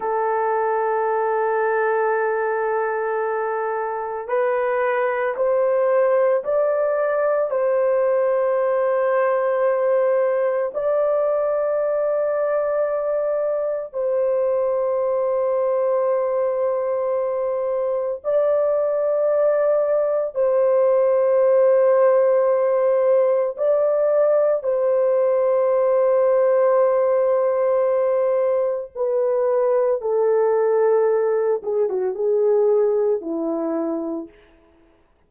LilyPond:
\new Staff \with { instrumentName = "horn" } { \time 4/4 \tempo 4 = 56 a'1 | b'4 c''4 d''4 c''4~ | c''2 d''2~ | d''4 c''2.~ |
c''4 d''2 c''4~ | c''2 d''4 c''4~ | c''2. b'4 | a'4. gis'16 fis'16 gis'4 e'4 | }